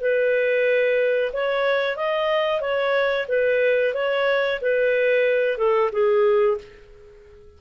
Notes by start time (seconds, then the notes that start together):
0.00 B4
1.32 C#5
1.96 D#5
2.60 C#5
3.28 B4
3.94 C#5
4.61 B4
5.57 A4
5.91 G#4